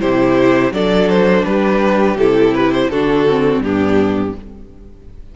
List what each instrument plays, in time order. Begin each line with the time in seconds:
0.00 cello C3, viola E4, violin G4 C5
0.72 cello F#3, viola D4, violin A4 D5
1.09 violin C5
1.45 cello G3, violin G4 B4
2.16 cello C3, viola E4, violin A4
2.55 violin B4
2.72 violin C5
2.89 cello D3, viola D4, violin F#4 A4
3.30 viola C4
3.60 cello G2, viola B3, violin D4 G4